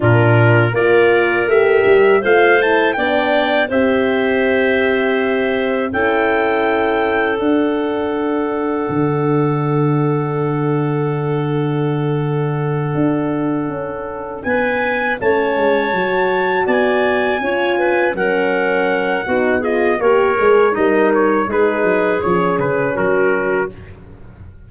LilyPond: <<
  \new Staff \with { instrumentName = "trumpet" } { \time 4/4 \tempo 4 = 81 ais'4 d''4 e''4 f''8 a''8 | g''4 e''2. | g''2 fis''2~ | fis''1~ |
fis''2.~ fis''8 gis''8~ | gis''8 a''2 gis''4.~ | gis''8 fis''2 dis''8 cis''4 | dis''8 cis''8 b'4 cis''8 b'8 ais'4 | }
  \new Staff \with { instrumentName = "clarinet" } { \time 4/4 f'4 ais'2 c''4 | d''4 c''2. | a'1~ | a'1~ |
a'2.~ a'8 b'8~ | b'8 cis''2 d''4 cis''8 | b'8 ais'4. fis'8 gis'8 ais'4 | dis'4 gis'2 fis'4 | }
  \new Staff \with { instrumentName = "horn" } { \time 4/4 d'4 f'4 g'4 f'8 e'8 | d'4 g'2. | e'2 d'2~ | d'1~ |
d'1~ | d'8 cis'4 fis'2 f'8~ | f'8 cis'4. dis'8 f'8 g'8 gis'8 | ais'4 dis'4 cis'2 | }
  \new Staff \with { instrumentName = "tuba" } { \time 4/4 ais,4 ais4 a8 g8 a4 | b4 c'2. | cis'2 d'2 | d1~ |
d4. d'4 cis'4 b8~ | b8 a8 gis8 fis4 b4 cis'8~ | cis'8 fis4. b4 ais8 gis8 | g4 gis8 fis8 f8 cis8 fis4 | }
>>